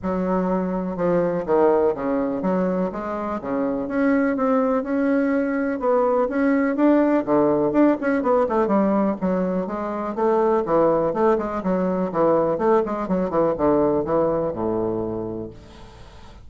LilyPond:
\new Staff \with { instrumentName = "bassoon" } { \time 4/4 \tempo 4 = 124 fis2 f4 dis4 | cis4 fis4 gis4 cis4 | cis'4 c'4 cis'2 | b4 cis'4 d'4 d4 |
d'8 cis'8 b8 a8 g4 fis4 | gis4 a4 e4 a8 gis8 | fis4 e4 a8 gis8 fis8 e8 | d4 e4 a,2 | }